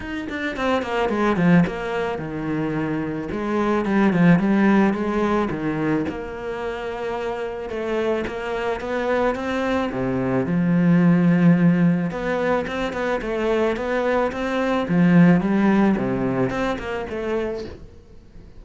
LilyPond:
\new Staff \with { instrumentName = "cello" } { \time 4/4 \tempo 4 = 109 dis'8 d'8 c'8 ais8 gis8 f8 ais4 | dis2 gis4 g8 f8 | g4 gis4 dis4 ais4~ | ais2 a4 ais4 |
b4 c'4 c4 f4~ | f2 b4 c'8 b8 | a4 b4 c'4 f4 | g4 c4 c'8 ais8 a4 | }